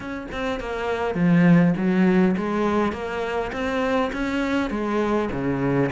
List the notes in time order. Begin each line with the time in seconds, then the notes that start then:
0.00 C#4
0.31 C4
0.60 A#3
1.15 F3
1.76 F#3
2.36 G#3
2.92 A#3
3.52 C4
4.12 C#4
4.70 G#3
5.31 C#3